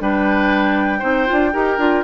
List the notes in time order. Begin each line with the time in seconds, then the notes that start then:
0.00 G3 D4 B4 G5
0.99 C4 D#4 C5
1.26 D4 F4
1.53 D#4 G4 A#4
1.78 D4 F4